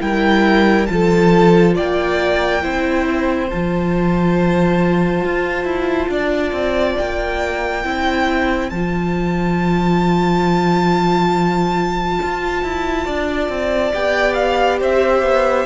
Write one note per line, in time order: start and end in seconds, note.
0.00 0.88 G3
0.00 0.87 E4
0.00 0.89 A#4
0.00 0.86 G5
0.86 1.77 F3
0.86 2.62 F4
0.86 1.73 A5
0.93 1.75 A4
1.75 2.64 A#3
1.75 2.62 D5
1.75 3.50 G5
2.62 3.51 C4
2.62 3.49 E4
2.62 6.10 C5
3.50 5.24 F3
3.50 7.84 F4
3.50 6.97 A5
5.24 5.64 F4
5.64 6.07 E4
6.09 6.52 D4
6.09 7.84 D5
6.52 6.95 C4
6.97 7.84 A#3
6.97 8.69 G5
7.84 8.71 C4
7.84 8.71 E4
7.84 13.05 C5
8.69 12.19 F3
8.69 13.94 F4
8.69 13.91 A5
12.22 12.63 F4
12.63 13.06 E4
13.05 13.48 D4
13.05 14.79 D5
13.48 13.92 C4
13.94 14.81 B3
13.94 15.66 G4
13.94 14.34 G5
14.34 14.77 F5
14.80 15.22 C4
14.80 15.66 C5
14.80 15.66 E5
15.22 15.65 B3